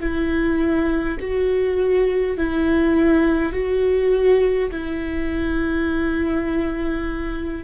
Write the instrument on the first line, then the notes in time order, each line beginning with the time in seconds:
viola
0.00 E4
1.20 F#4
2.37 E4
3.52 F#4
4.71 E4